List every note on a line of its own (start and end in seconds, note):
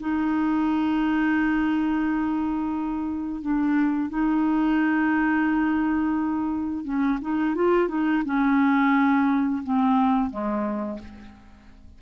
0.00 3.42 D#4
3.42 4.10 D4
4.10 6.85 D#4
6.85 7.19 C#4
7.22 7.55 D#4
7.55 7.89 F4
7.89 8.23 D#4
8.25 9.63 C#4
9.64 10.30 C4
10.30 10.99 G#3